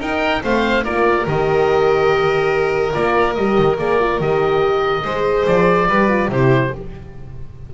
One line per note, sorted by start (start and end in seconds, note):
0.00 0.42 D#4
0.00 0.42 A#4
0.00 0.43 G5
0.42 0.84 A3
0.42 0.84 C4
0.42 0.83 C5
0.42 0.84 F5
0.83 1.26 A#3
0.83 1.26 F4
0.83 5.03 A#4
0.83 1.26 D5
1.26 2.95 D#3
1.26 2.93 G4
1.26 2.93 D#5
2.93 3.37 A#3
2.93 3.35 F4
2.93 3.34 D5
3.34 3.58 G3
3.34 3.78 G4
3.34 3.76 D#5
3.58 3.78 D#3
3.78 4.19 A#3
3.78 3.99 G#4
3.78 4.21 D5
3.99 4.19 F4
4.19 5.03 D#3
4.19 5.03 G4
4.19 5.46 D#5
5.04 5.46 G#3
5.04 5.88 G#4
5.04 5.88 C5
5.46 5.88 F3
5.46 6.30 D5
5.88 6.28 G3
5.88 6.08 G4
5.88 6.30 B4
6.08 6.29 F4
6.28 6.70 C3
6.28 6.72 E4
6.28 6.74 G4
6.28 6.74 C5